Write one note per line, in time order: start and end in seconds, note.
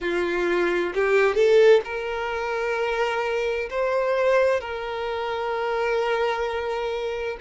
0.00 0.93 F4
0.94 1.34 G4
1.34 1.80 A4
1.84 3.69 A#4
3.69 4.60 C5
4.60 7.37 A#4